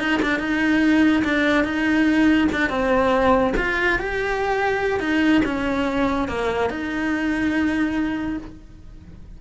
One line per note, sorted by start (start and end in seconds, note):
0.00 0.21 D#4
0.23 0.40 D4
0.40 1.24 D#4
1.25 1.65 D4
1.65 2.49 D#4
2.53 2.70 D4
2.70 3.54 C4
3.58 3.99 F4
3.99 5.00 G4
5.00 5.42 D#4
5.46 6.29 C#4
6.29 6.70 A#3
6.70 8.38 D#4